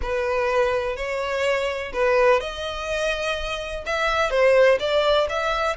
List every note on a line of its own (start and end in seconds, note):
0.02 0.96 B4
0.96 1.92 C#5
1.93 2.40 B4
2.40 3.84 D#5
3.86 4.30 E5
4.30 4.78 C5
4.79 5.27 D5
5.29 5.76 E5